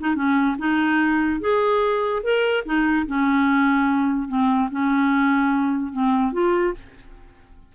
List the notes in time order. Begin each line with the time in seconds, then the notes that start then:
0.00 D#4
0.15 C#4
0.58 D#4
1.40 G#4
2.23 A#4
2.65 D#4
3.07 C#4
4.28 C4
4.71 C#4
5.92 C4
6.33 F4